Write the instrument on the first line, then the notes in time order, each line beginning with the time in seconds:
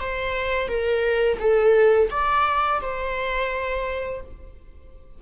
viola
0.00 C5
0.68 A#4
1.40 A4
2.11 D5
2.81 C5